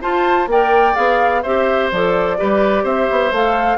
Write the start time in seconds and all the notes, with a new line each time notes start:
0.00 F4 C5 A5
0.47 A#3 A#4 D5 G5
0.94 B3 G#4 F5
1.42 C4 G4 C5 E5
1.91 F3 A4 D5
2.37 G3 G4 B4
2.83 C4 C5 E5
3.10 B3
3.31 A3 A4 F5